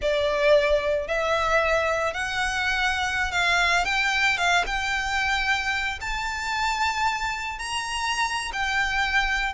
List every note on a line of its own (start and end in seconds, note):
0.01 1.07 D5
1.07 2.13 E5
2.13 3.31 F#5
3.31 3.84 F5
3.84 4.37 G5
4.37 4.64 F5
4.66 5.99 G5
6.00 7.58 A5
7.58 8.51 A#5
8.52 9.53 G5